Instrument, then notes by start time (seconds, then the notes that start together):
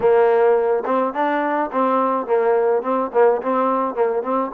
trombone
0.00 A#3
0.85 C4
1.13 D4
1.71 C4
2.26 A#3
2.82 C4
3.13 A#3
3.42 C4
3.94 A#3
4.22 C4